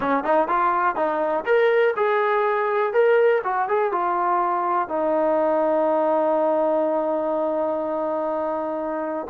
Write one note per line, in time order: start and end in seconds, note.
0.00 0.24 C#4
0.24 0.48 D#4
0.48 0.95 F4
0.95 1.44 D#4
1.45 1.94 A#4
1.96 2.93 G#4
2.93 3.41 A#4
3.43 3.68 F#4
3.68 3.92 G#4
3.92 4.88 F4
4.88 9.27 D#4